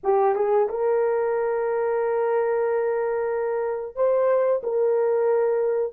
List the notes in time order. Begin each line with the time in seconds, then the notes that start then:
0.03 G4
0.34 G#4
0.68 A#4
3.95 C5
4.63 A#4